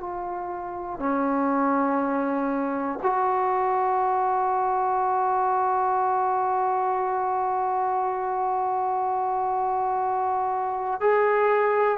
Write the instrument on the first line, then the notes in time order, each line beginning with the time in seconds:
trombone
0.00 F4
0.99 C#4
3.02 F#4
11.00 G#4